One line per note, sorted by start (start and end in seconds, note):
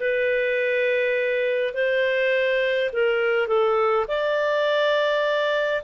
0.00 1.74 B4
1.74 2.90 C5
2.93 3.47 A#4
3.47 4.06 A4
4.08 5.83 D5